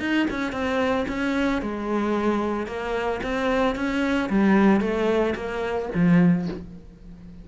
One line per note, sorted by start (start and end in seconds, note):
0.00 0.27 D#4
0.30 0.53 C#4
0.53 1.06 C4
1.09 1.62 C#4
1.62 2.67 G#3
2.67 3.21 A#3
3.23 3.76 C4
3.76 4.30 C#4
4.30 4.81 G3
4.81 5.35 A3
5.36 5.90 A#3
5.95 6.48 F3